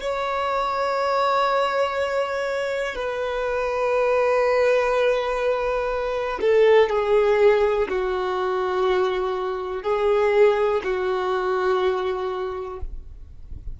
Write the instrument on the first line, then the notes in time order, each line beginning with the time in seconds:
violin
0.00 C#5
2.95 B4
6.40 A4
6.89 G#4
7.88 F#4
9.82 G#4
10.83 F#4